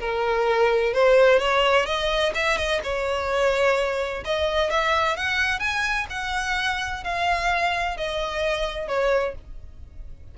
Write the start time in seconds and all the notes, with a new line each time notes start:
0.00 A#4
0.94 C5
1.39 C#5
1.86 D#5
2.35 E5
2.57 D#5
2.83 C#5
4.24 D#5
4.70 E5
5.17 F#5
5.60 G#5
6.10 F#5
7.04 F5
7.97 D#5
8.88 C#5